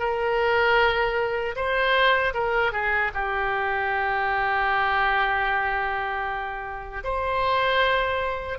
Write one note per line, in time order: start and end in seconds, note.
0.00 1.56 A#4
1.56 2.34 C5
2.34 2.73 A#4
2.73 3.12 G#4
3.14 7.04 G4
7.04 8.59 C5